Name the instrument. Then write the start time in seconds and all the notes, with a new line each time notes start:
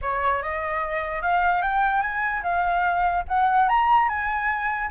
flute
0.01 C#5
0.42 D#5
1.21 F5
1.61 G5
2.01 G#5
2.42 F5
3.27 F#5
3.68 A#5
4.08 G#5